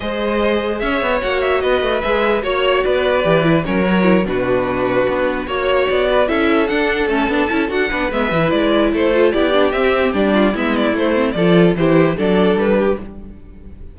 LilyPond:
<<
  \new Staff \with { instrumentName = "violin" } { \time 4/4 \tempo 4 = 148 dis''2 e''4 fis''8 e''8 | dis''4 e''4 cis''4 d''4~ | d''4 cis''4. b'4.~ | b'4. cis''4 d''4 e''8~ |
e''8 fis''4 a''4. fis''4 | e''4 d''4 c''4 d''4 | e''4 d''4 e''8 d''8 c''4 | d''4 c''4 d''4 b'4 | }
  \new Staff \with { instrumentName = "violin" } { \time 4/4 c''2 cis''2 | b'2 cis''4 b'4~ | b'4 ais'4. fis'4.~ | fis'4. cis''4. b'8 a'8~ |
a'2.~ a'8 b'8~ | b'2 a'4 g'4~ | g'4. f'8 e'2 | a'4 g'4 a'4. g'8 | }
  \new Staff \with { instrumentName = "viola" } { \time 4/4 gis'2. fis'4~ | fis'4 gis'4 fis'2 | g'8 e'8 cis'8 fis'8 e'8 d'4.~ | d'4. fis'2 e'8~ |
e'8 d'4 cis'8 d'8 e'8 fis'8 d'8 | b8 e'2 f'8 e'8 d'8 | c'4 d'4 b4 a8 c'8 | f'4 e'4 d'2 | }
  \new Staff \with { instrumentName = "cello" } { \time 4/4 gis2 cis'8 b8 ais4 | b8 a8 gis4 ais4 b4 | e4 fis4. b,4.~ | b,8 b4 ais4 b4 cis'8~ |
cis'8 d'4 a8 b8 cis'8 d'8 b8 | gis8 e8 gis4 a4 b4 | c'4 g4 gis4 a4 | f4 e4 fis4 g4 | }
>>